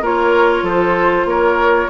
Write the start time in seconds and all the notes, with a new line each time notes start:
0.00 A#3 F4 A#4 C#5
0.62 F3 A4 C5
1.25 A#3 A#4 C#5